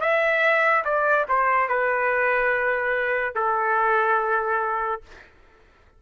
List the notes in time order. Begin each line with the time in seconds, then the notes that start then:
0.00 E5
0.84 D5
1.28 C5
1.68 B4
3.35 A4